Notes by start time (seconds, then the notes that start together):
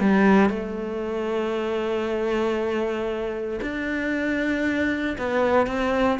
0.00 G3
0.50 A3
3.62 D4
5.18 B3
5.67 C4